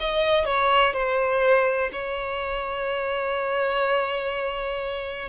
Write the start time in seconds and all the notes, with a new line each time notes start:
0.00 D#5
0.45 C#5
0.93 C5
1.92 C#5